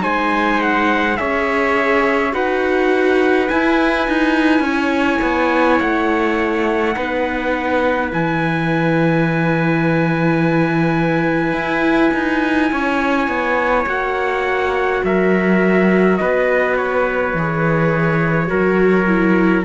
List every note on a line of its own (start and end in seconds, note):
0.00 1.19 G#3
0.00 1.15 D#4
0.00 1.18 C5
0.00 0.61 G#5
0.62 1.17 F#5
1.17 2.34 C#4
1.17 2.32 G#4
1.17 2.34 C#5
1.17 2.33 E5
2.32 3.49 D#4
2.32 3.48 F#4
2.32 4.64 B4
2.32 3.49 F#5
3.49 6.95 E4
3.49 4.08 E4
3.49 5.80 G#5
4.08 4.60 D#4
4.60 5.18 C#4
4.60 6.95 C#5
5.22 5.80 B3
5.80 6.96 A3
5.80 8.11 F#5
6.95 8.12 B3
6.95 8.11 D#4
6.95 12.72 B4
8.12 11.53 E3
8.12 13.87 E4
8.12 13.89 G#5
11.53 12.11 E4
12.14 12.72 D#4
12.72 13.28 C#4
12.72 15.03 C#5
13.28 13.86 B3
13.86 15.02 A#3
13.86 17.33 F#4
13.86 15.04 F#5
15.04 16.19 F#3
15.04 16.21 A#4
15.04 16.17 E5
16.17 17.34 B3
16.17 18.50 B4
16.17 16.75 D#5
16.77 19.65 C#5
17.34 18.49 E3
17.34 18.47 G#4
18.47 19.65 F#3
18.47 19.05 F#4
18.47 19.65 A#4
19.07 19.65 E4